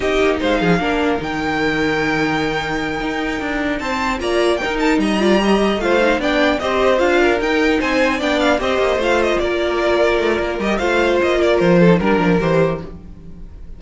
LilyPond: <<
  \new Staff \with { instrumentName = "violin" } { \time 4/4 \tempo 4 = 150 dis''4 f''2 g''4~ | g''1~ | g''4. a''4 ais''4 g''8 | a''8 ais''2 f''4 g''8~ |
g''8 dis''4 f''4 g''4 gis''8~ | gis''8 g''8 f''8 dis''4 f''8 dis''8 d''8~ | d''2~ d''8 dis''8 f''4 | dis''8 d''8 c''4 ais'4 c''4 | }
  \new Staff \with { instrumentName = "violin" } { \time 4/4 g'4 c''8 gis'8 ais'2~ | ais'1~ | ais'4. c''4 d''4 ais'8~ | ais'8 dis''8 d''8 dis''4 c''4 d''8~ |
d''8 c''4. ais'4. c''8~ | c''8 d''4 c''2 ais'8~ | ais'2. c''4~ | c''8 ais'4 a'8 ais'2 | }
  \new Staff \with { instrumentName = "viola" } { \time 4/4 dis'2 d'4 dis'4~ | dis'1~ | dis'2~ dis'8 f'4 dis'8~ | dis'4 f'8 g'4 f'8 dis'8 d'8~ |
d'8 g'4 f'4 dis'4.~ | dis'8 d'4 g'4 f'4.~ | f'2~ f'8 g'8 f'4~ | f'4.~ f'16 dis'16 d'4 g'4 | }
  \new Staff \with { instrumentName = "cello" } { \time 4/4 c'8 ais8 gis8 f8 ais4 dis4~ | dis2.~ dis8 dis'8~ | dis'8 d'4 c'4 ais4 dis'8~ | dis'8 g2 a4 b8~ |
b8 c'4 d'4 dis'4 c'8~ | c'8 b4 c'8 ais8 a4 ais8~ | ais4. a8 ais8 g8 a4 | ais4 f4 g8 f8 e4 | }
>>